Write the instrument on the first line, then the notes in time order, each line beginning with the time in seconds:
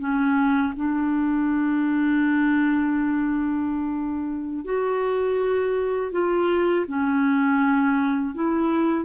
clarinet
0.00 C#4
0.76 D4
4.65 F#4
6.12 F4
6.88 C#4
8.35 E4